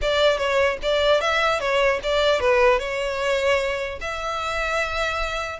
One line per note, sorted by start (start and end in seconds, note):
0.01 0.37 D5
0.37 0.77 C#5
0.82 1.21 D5
1.21 1.60 E5
1.60 2.00 C#5
2.03 2.40 D5
2.40 2.79 B4
2.79 3.99 C#5
4.01 5.59 E5